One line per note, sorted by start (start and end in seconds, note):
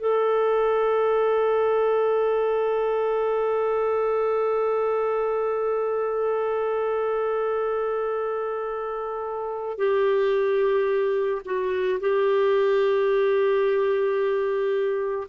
0.00 9.78 A4
9.78 11.42 G4
11.45 12.00 F#4
12.00 15.28 G4